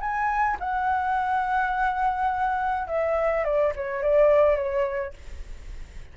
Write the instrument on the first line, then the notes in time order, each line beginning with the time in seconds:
flute
0.00 G#5
0.60 F#5
2.87 E5
3.44 D5
3.75 C#5
4.03 D5
4.56 C#5